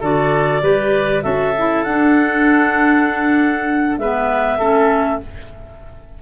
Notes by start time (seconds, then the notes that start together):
0.00 D3 F#4 A4 D5
0.62 G3 G4 B4
1.22 C#4 F#4 A4 E5
1.58 E4
1.83 D4 F#5
3.97 G#3 B3 B4 E5
4.58 A3 C#4 A4